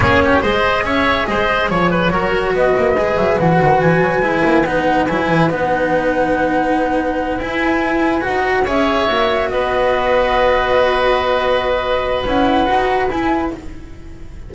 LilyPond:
<<
  \new Staff \with { instrumentName = "flute" } { \time 4/4 \tempo 4 = 142 cis''4 dis''4 e''4 dis''4 | cis''2 dis''4. e''8 | fis''4 gis''2 fis''4 | gis''4 fis''2.~ |
fis''4. gis''2 fis''8~ | fis''8 e''2 dis''4.~ | dis''1~ | dis''4 fis''2 gis''4 | }
  \new Staff \with { instrumentName = "oboe" } { \time 4/4 gis'8 g'8 c''4 cis''4 c''4 | cis''8 b'8 ais'4 b'2~ | b'1~ | b'1~ |
b'1~ | b'8 cis''2 b'4.~ | b'1~ | b'1 | }
  \new Staff \with { instrumentName = "cello" } { \time 4/4 cis'4 gis'2.~ | gis'4 fis'2 gis'4 | fis'2 e'4 dis'4 | e'4 dis'2.~ |
dis'4. e'2 fis'8~ | fis'8 gis'4 fis'2~ fis'8~ | fis'1~ | fis'4 e'4 fis'4 e'4 | }
  \new Staff \with { instrumentName = "double bass" } { \time 4/4 ais4 gis4 cis'4 gis4 | f4 fis4 b8 ais8 gis8 fis8 | e8 dis8 e8 fis8 gis8 ais8 b4 | fis8 e8 b2.~ |
b4. e'2 dis'8~ | dis'8 cis'4 ais4 b4.~ | b1~ | b4 cis'4 dis'4 e'4 | }
>>